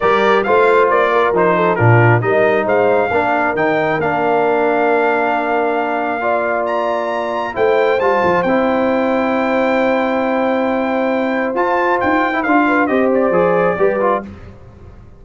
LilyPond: <<
  \new Staff \with { instrumentName = "trumpet" } { \time 4/4 \tempo 4 = 135 d''4 f''4 d''4 c''4 | ais'4 dis''4 f''2 | g''4 f''2.~ | f''2. ais''4~ |
ais''4 g''4 a''4 g''4~ | g''1~ | g''2 a''4 g''4 | f''4 dis''8 d''2~ d''8 | }
  \new Staff \with { instrumentName = "horn" } { \time 4/4 ais'4 c''4. ais'4 a'8 | f'4 ais'4 c''4 ais'4~ | ais'1~ | ais'2 d''2~ |
d''4 c''2.~ | c''1~ | c''1~ | c''8 b'8 c''2 b'4 | }
  \new Staff \with { instrumentName = "trombone" } { \time 4/4 g'4 f'2 dis'4 | d'4 dis'2 d'4 | dis'4 d'2.~ | d'2 f'2~ |
f'4 e'4 f'4 e'4~ | e'1~ | e'2 f'4.~ f'16 e'16 | f'4 g'4 gis'4 g'8 f'8 | }
  \new Staff \with { instrumentName = "tuba" } { \time 4/4 g4 a4 ais4 f4 | ais,4 g4 gis4 ais4 | dis4 ais2.~ | ais1~ |
ais4 a4 g8 f8 c'4~ | c'1~ | c'2 f'4 dis'4 | d'4 c'4 f4 g4 | }
>>